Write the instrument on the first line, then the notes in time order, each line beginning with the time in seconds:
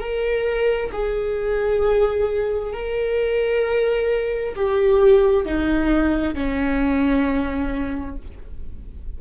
viola
0.00 A#4
0.93 G#4
2.74 A#4
4.56 G4
5.46 D#4
6.35 C#4